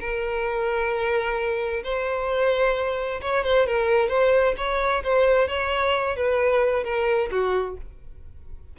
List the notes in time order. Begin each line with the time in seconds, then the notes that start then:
0.00 A#4
1.84 C5
3.21 C#5
3.44 C5
3.67 A#4
4.09 C5
4.57 C#5
5.04 C5
5.48 C#5
6.17 B4
6.84 A#4
7.31 F#4